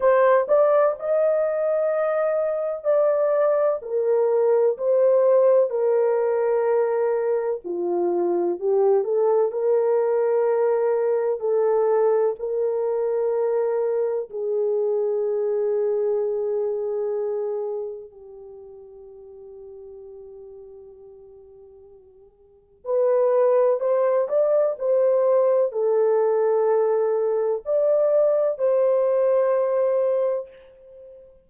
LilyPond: \new Staff \with { instrumentName = "horn" } { \time 4/4 \tempo 4 = 63 c''8 d''8 dis''2 d''4 | ais'4 c''4 ais'2 | f'4 g'8 a'8 ais'2 | a'4 ais'2 gis'4~ |
gis'2. g'4~ | g'1 | b'4 c''8 d''8 c''4 a'4~ | a'4 d''4 c''2 | }